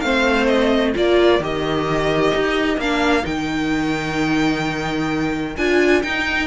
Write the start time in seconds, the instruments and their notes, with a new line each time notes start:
0.00 cello A3, viola C4, violin C5 F5
0.47 violin D#5
0.94 cello A#3, viola F4, violin A#4 D5
1.39 cello D#3, viola G4, violin D#5
2.35 cello D#4
2.77 cello A#3, viola D4, violin F5
3.22 cello D#3, viola D#4, violin G5
5.56 cello D4, viola F4, violin G#5
6.02 viola D#4, cello D#4, violin G5